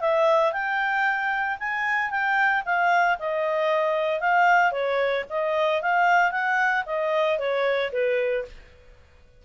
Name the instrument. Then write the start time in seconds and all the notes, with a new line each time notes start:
clarinet
0.00 E5
0.52 G5
1.59 G#5
2.10 G5
2.65 F5
3.19 D#5
4.20 F5
4.72 C#5
5.29 D#5
5.81 F5
6.31 F#5
6.85 D#5
7.38 C#5
7.92 B4